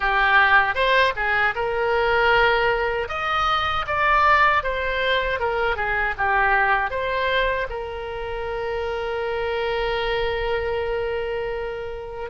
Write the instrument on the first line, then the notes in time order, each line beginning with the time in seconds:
oboe
0.00 G4
0.74 C5
1.15 G#4
1.55 A#4
3.08 D#5
3.87 D5
4.63 C5
5.39 A#4
5.76 G#4
6.17 G4
6.90 C5
7.69 A#4